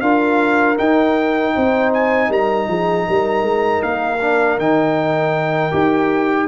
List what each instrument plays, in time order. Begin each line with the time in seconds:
0.00 tuba D4, trombone F4, horn A#4, trumpet F5
0.77 trombone D#4, tuba D#4, trumpet G5
1.55 tuba C4, horn C5
1.94 trumpet G#5
2.29 tuba G3, horn A#4, trumpet A#5
2.68 tuba F3, horn G#4
3.07 tuba G3, horn A#4
3.42 tuba G#3
3.83 tuba A#3, trumpet F5
4.21 trombone D4
4.58 tuba D#3, trombone D#4, trumpet G5
5.71 tuba D#4, trombone G4